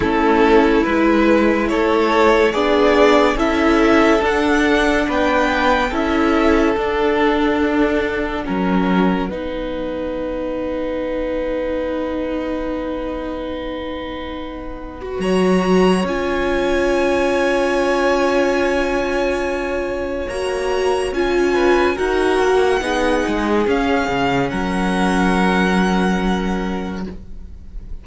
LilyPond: <<
  \new Staff \with { instrumentName = "violin" } { \time 4/4 \tempo 4 = 71 a'4 b'4 cis''4 d''4 | e''4 fis''4 g''4 e''4 | fis''1~ | fis''1~ |
fis''2 ais''4 gis''4~ | gis''1 | ais''4 gis''4 fis''2 | f''4 fis''2. | }
  \new Staff \with { instrumentName = "violin" } { \time 4/4 e'2 a'4 gis'4 | a'2 b'4 a'4~ | a'2 ais'4 b'4~ | b'1~ |
b'2 cis''2~ | cis''1~ | cis''4. b'8 ais'4 gis'4~ | gis'4 ais'2. | }
  \new Staff \with { instrumentName = "viola" } { \time 4/4 cis'4 e'2 d'4 | e'4 d'2 e'4 | d'2 cis'4 dis'4~ | dis'1~ |
dis'4.~ dis'16 fis'4~ fis'16 f'4~ | f'1 | fis'4 f'4 fis'4 dis'4 | cis'1 | }
  \new Staff \with { instrumentName = "cello" } { \time 4/4 a4 gis4 a4 b4 | cis'4 d'4 b4 cis'4 | d'2 fis4 b4~ | b1~ |
b2 fis4 cis'4~ | cis'1 | ais4 cis'4 dis'8 ais8 b8 gis8 | cis'8 cis8 fis2. | }
>>